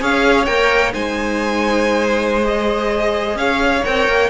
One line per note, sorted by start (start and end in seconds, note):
0.00 0.47 C#4
0.00 0.47 G#4
0.00 0.94 C#5
0.00 0.45 F5
0.45 0.94 A#3
0.45 0.91 A#4
0.45 0.92 G5
0.91 3.35 G#3
0.91 2.43 D#4
0.91 3.38 C5
0.91 2.45 G#5
2.44 3.83 G#4
2.44 3.38 D#5
3.35 3.82 C#4
3.35 4.30 C#5
3.35 3.84 F5
3.84 4.07 C4
3.84 4.30 A#4
3.84 4.30 G5
4.07 4.30 A#3